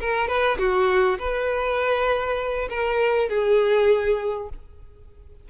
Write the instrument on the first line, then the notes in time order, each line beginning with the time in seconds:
violin
0.00 A#4
0.28 B4
0.58 F#4
1.18 B4
2.69 A#4
3.29 G#4